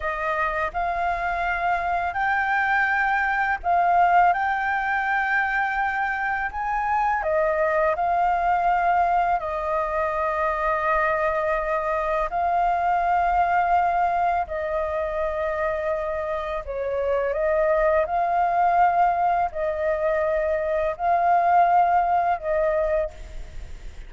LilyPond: \new Staff \with { instrumentName = "flute" } { \time 4/4 \tempo 4 = 83 dis''4 f''2 g''4~ | g''4 f''4 g''2~ | g''4 gis''4 dis''4 f''4~ | f''4 dis''2.~ |
dis''4 f''2. | dis''2. cis''4 | dis''4 f''2 dis''4~ | dis''4 f''2 dis''4 | }